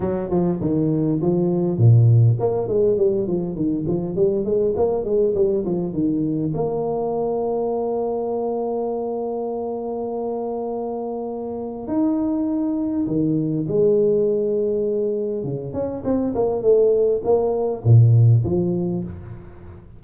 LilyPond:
\new Staff \with { instrumentName = "tuba" } { \time 4/4 \tempo 4 = 101 fis8 f8 dis4 f4 ais,4 | ais8 gis8 g8 f8 dis8 f8 g8 gis8 | ais8 gis8 g8 f8 dis4 ais4~ | ais1~ |
ais1 | dis'2 dis4 gis4~ | gis2 cis8 cis'8 c'8 ais8 | a4 ais4 ais,4 f4 | }